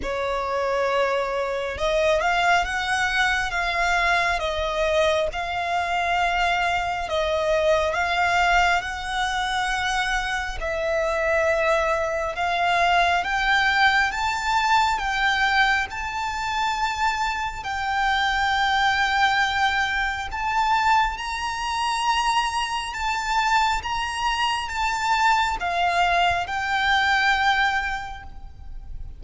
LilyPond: \new Staff \with { instrumentName = "violin" } { \time 4/4 \tempo 4 = 68 cis''2 dis''8 f''8 fis''4 | f''4 dis''4 f''2 | dis''4 f''4 fis''2 | e''2 f''4 g''4 |
a''4 g''4 a''2 | g''2. a''4 | ais''2 a''4 ais''4 | a''4 f''4 g''2 | }